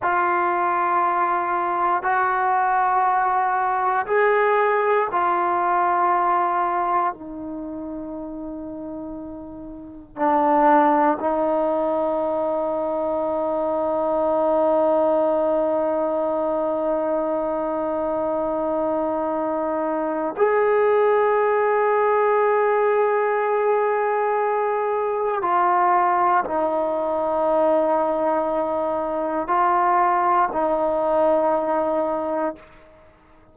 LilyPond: \new Staff \with { instrumentName = "trombone" } { \time 4/4 \tempo 4 = 59 f'2 fis'2 | gis'4 f'2 dis'4~ | dis'2 d'4 dis'4~ | dis'1~ |
dis'1 | gis'1~ | gis'4 f'4 dis'2~ | dis'4 f'4 dis'2 | }